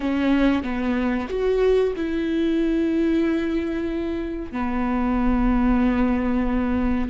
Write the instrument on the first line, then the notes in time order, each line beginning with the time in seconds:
viola
0.00 C#4
0.63 B3
1.28 F#4
1.96 E4
4.52 B3